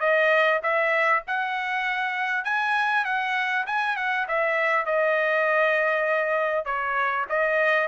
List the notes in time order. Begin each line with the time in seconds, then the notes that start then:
0.00 D#5
0.63 E5
1.27 F#5
2.44 G#5
3.05 F#5
3.66 G#5
3.96 F#5
4.28 E5
4.85 D#5
6.65 C#5
7.29 D#5